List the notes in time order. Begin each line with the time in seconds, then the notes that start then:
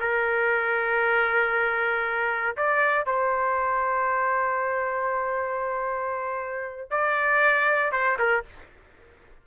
0.00 A#4
2.57 D5
3.06 C5
6.91 D5
7.92 C5
8.19 A#4